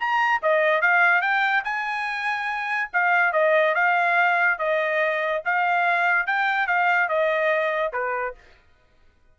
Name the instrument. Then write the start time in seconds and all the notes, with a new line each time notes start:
trumpet
0.00 A#5
0.42 D#5
0.82 F5
1.22 G5
1.65 G#5
2.93 F5
3.33 D#5
3.75 F5
4.59 D#5
5.45 F5
6.27 G5
6.67 F5
7.09 D#5
7.93 B4